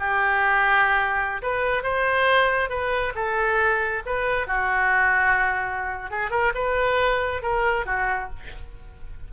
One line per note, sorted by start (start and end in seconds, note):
0.00 1.42 G4
1.43 1.83 B4
1.83 2.70 C5
2.70 3.14 B4
3.16 4.03 A4
4.06 4.48 B4
4.48 6.11 F#4
6.11 6.31 G#4
6.31 6.53 A#4
6.55 7.43 B4
7.43 7.86 A#4
7.86 8.30 F#4